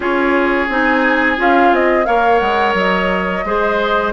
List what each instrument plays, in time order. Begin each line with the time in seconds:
0.00 bassoon C#4, clarinet F4, oboe G#4, flute C#5
0.69 bassoon C4, clarinet D#4, flute G#5
1.36 bassoon C#4, clarinet F4, flute F5
1.71 bassoon C4, flute D#5
2.04 bassoon A#3, clarinet A#4, oboe C#5, flute F5
2.39 bassoon G#3, flute F#5
2.74 bassoon F#3, flute D#5
3.44 bassoon G#3, clarinet G#4, oboe C5